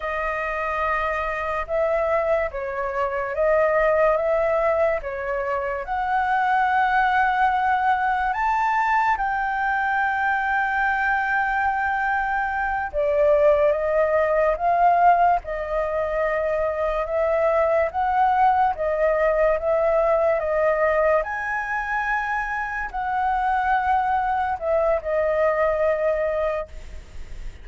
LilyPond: \new Staff \with { instrumentName = "flute" } { \time 4/4 \tempo 4 = 72 dis''2 e''4 cis''4 | dis''4 e''4 cis''4 fis''4~ | fis''2 a''4 g''4~ | g''2.~ g''8 d''8~ |
d''8 dis''4 f''4 dis''4.~ | dis''8 e''4 fis''4 dis''4 e''8~ | e''8 dis''4 gis''2 fis''8~ | fis''4. e''8 dis''2 | }